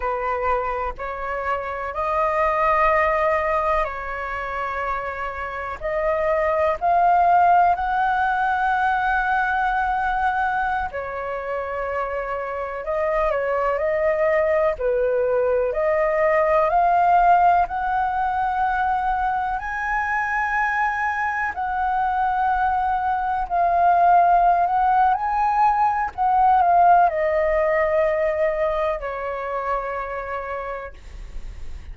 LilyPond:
\new Staff \with { instrumentName = "flute" } { \time 4/4 \tempo 4 = 62 b'4 cis''4 dis''2 | cis''2 dis''4 f''4 | fis''2.~ fis''16 cis''8.~ | cis''4~ cis''16 dis''8 cis''8 dis''4 b'8.~ |
b'16 dis''4 f''4 fis''4.~ fis''16~ | fis''16 gis''2 fis''4.~ fis''16~ | fis''16 f''4~ f''16 fis''8 gis''4 fis''8 f''8 | dis''2 cis''2 | }